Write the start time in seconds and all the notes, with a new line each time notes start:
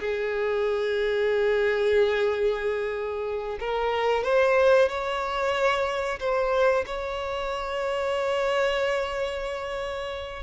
0.00 G#4
3.60 A#4
4.24 C5
4.89 C#5
6.20 C5
6.86 C#5